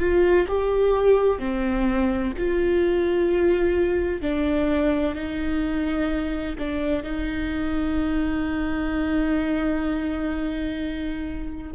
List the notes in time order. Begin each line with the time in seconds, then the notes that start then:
0.00 F4
0.49 G4
1.39 C4
2.38 F4
4.22 D4
5.15 D#4
6.59 D4
7.04 D#4